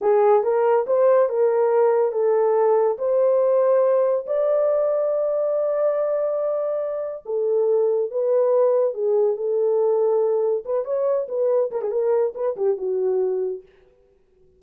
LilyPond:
\new Staff \with { instrumentName = "horn" } { \time 4/4 \tempo 4 = 141 gis'4 ais'4 c''4 ais'4~ | ais'4 a'2 c''4~ | c''2 d''2~ | d''1~ |
d''4 a'2 b'4~ | b'4 gis'4 a'2~ | a'4 b'8 cis''4 b'4 ais'16 gis'16 | ais'4 b'8 g'8 fis'2 | }